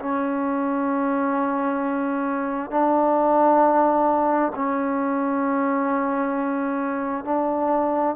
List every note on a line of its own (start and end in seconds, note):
0.00 2.71 C#4
2.71 4.52 D4
4.56 7.25 C#4
7.25 8.16 D4